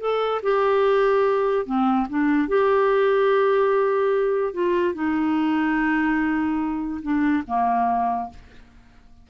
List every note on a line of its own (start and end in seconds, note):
0.00 0.41 A4
0.42 1.66 G4
1.66 2.07 C4
2.09 2.48 D4
2.48 4.53 G4
4.53 4.94 F4
4.94 7.01 D#4
7.02 7.43 D4
7.47 8.30 A#3